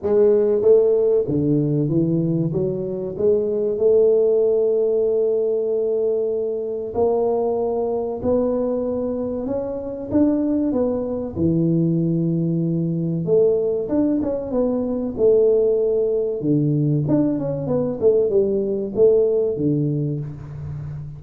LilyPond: \new Staff \with { instrumentName = "tuba" } { \time 4/4 \tempo 4 = 95 gis4 a4 d4 e4 | fis4 gis4 a2~ | a2. ais4~ | ais4 b2 cis'4 |
d'4 b4 e2~ | e4 a4 d'8 cis'8 b4 | a2 d4 d'8 cis'8 | b8 a8 g4 a4 d4 | }